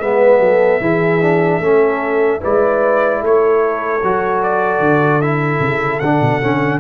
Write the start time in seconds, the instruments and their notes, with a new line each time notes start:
0.00 tuba G#3, trombone B3, horn B4, trumpet E5
0.40 tuba F#3, horn A4
0.81 tuba E3, trombone E4, horn G#4
1.22 trombone D4
1.60 tuba A3, trombone C#4, horn A4
2.41 tuba G#3, trombone E4, horn B4, trumpet D5
3.22 tuba A3, horn A4, trumpet C#5
4.03 tuba F#3, trombone F#4
4.43 trumpet D5
4.80 tuba D3
5.22 trombone E4, trumpet E5
5.60 tuba C#3
6.00 tuba D3, trombone D4, trumpet F#5
6.21 tuba B2
6.42 tuba D3, trombone C#4